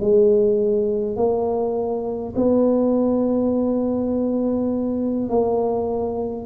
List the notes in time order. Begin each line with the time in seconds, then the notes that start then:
0.00 G#3
1.16 A#3
2.35 B3
5.29 A#3